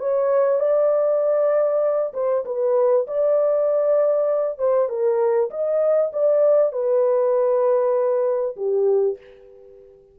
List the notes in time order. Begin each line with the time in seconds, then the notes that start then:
0.00 C#5
0.60 D5
2.14 C5
2.46 B4
3.08 D5
4.59 C5
4.90 A#4
5.51 D#5
6.13 D5
6.73 B4
8.57 G4